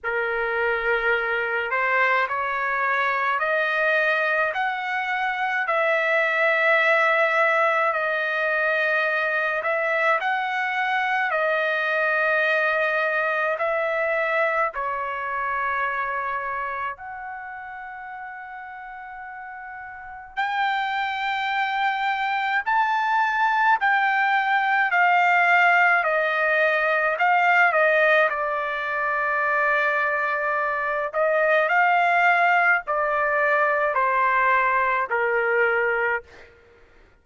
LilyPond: \new Staff \with { instrumentName = "trumpet" } { \time 4/4 \tempo 4 = 53 ais'4. c''8 cis''4 dis''4 | fis''4 e''2 dis''4~ | dis''8 e''8 fis''4 dis''2 | e''4 cis''2 fis''4~ |
fis''2 g''2 | a''4 g''4 f''4 dis''4 | f''8 dis''8 d''2~ d''8 dis''8 | f''4 d''4 c''4 ais'4 | }